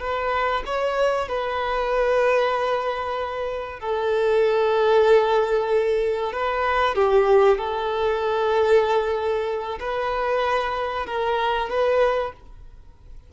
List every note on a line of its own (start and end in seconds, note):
0.00 0.63 B4
0.66 1.29 C#5
1.29 3.80 B4
3.80 6.33 A4
6.33 6.95 B4
6.95 7.58 G4
7.58 9.79 A4
9.80 11.06 B4
11.06 11.70 A#4
11.70 12.33 B4